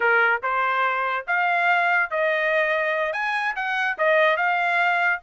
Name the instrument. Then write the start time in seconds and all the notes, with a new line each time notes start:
trumpet
0.00 A#4
0.42 C5
1.27 F5
2.10 D#5
3.12 G#5
3.55 F#5
3.98 D#5
4.37 F5